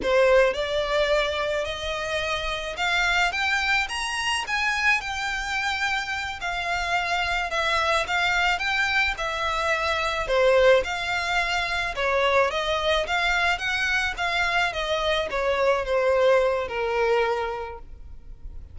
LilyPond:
\new Staff \with { instrumentName = "violin" } { \time 4/4 \tempo 4 = 108 c''4 d''2 dis''4~ | dis''4 f''4 g''4 ais''4 | gis''4 g''2~ g''8 f''8~ | f''4. e''4 f''4 g''8~ |
g''8 e''2 c''4 f''8~ | f''4. cis''4 dis''4 f''8~ | f''8 fis''4 f''4 dis''4 cis''8~ | cis''8 c''4. ais'2 | }